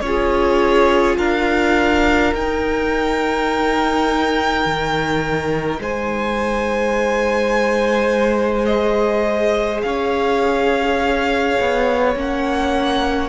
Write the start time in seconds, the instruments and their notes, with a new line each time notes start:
0.00 cello C#4, viola F4, violin C#5
0.06 violin G#4
1.18 cello D4, violin A#4 F5
2.33 viola D#4, cello D#4, violin G5
4.65 cello D#3
5.79 cello G#3, violin C5 G#5
8.65 viola G#4, violin D#5
9.82 cello C#4, violin C#5 F5
11.60 cello B3
12.14 cello A#3, viola C#4, violin F#5